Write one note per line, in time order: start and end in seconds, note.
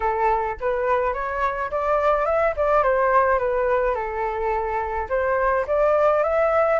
0.00 0.57 A4
0.60 1.13 B4
1.13 1.70 C#5
1.70 2.25 D5
2.25 2.53 E5
2.56 2.83 D5
2.83 3.38 C5
3.38 3.94 B4
3.94 5.07 A4
5.09 5.65 C5
5.67 6.23 D5
6.23 6.79 E5